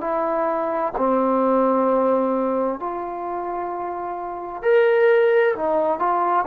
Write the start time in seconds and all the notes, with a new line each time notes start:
0.00 E4
0.97 C4
2.79 F4
4.62 A#4
5.56 D#4
5.99 F4